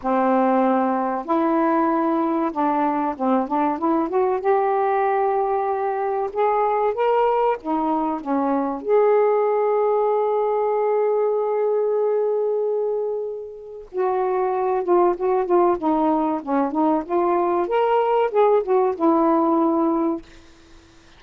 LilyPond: \new Staff \with { instrumentName = "saxophone" } { \time 4/4 \tempo 4 = 95 c'2 e'2 | d'4 c'8 d'8 e'8 fis'8 g'4~ | g'2 gis'4 ais'4 | dis'4 cis'4 gis'2~ |
gis'1~ | gis'2 fis'4. f'8 | fis'8 f'8 dis'4 cis'8 dis'8 f'4 | ais'4 gis'8 fis'8 e'2 | }